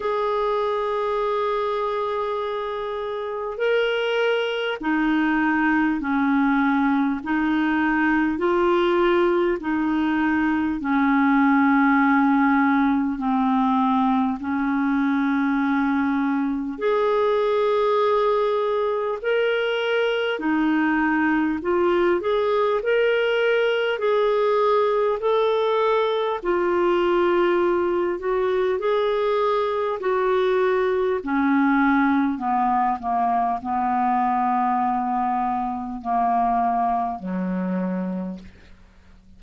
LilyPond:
\new Staff \with { instrumentName = "clarinet" } { \time 4/4 \tempo 4 = 50 gis'2. ais'4 | dis'4 cis'4 dis'4 f'4 | dis'4 cis'2 c'4 | cis'2 gis'2 |
ais'4 dis'4 f'8 gis'8 ais'4 | gis'4 a'4 f'4. fis'8 | gis'4 fis'4 cis'4 b8 ais8 | b2 ais4 fis4 | }